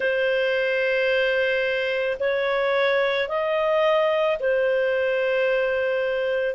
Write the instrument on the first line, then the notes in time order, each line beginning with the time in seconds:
clarinet
0.00 C5
2.19 C#5
3.28 D#5
4.39 C5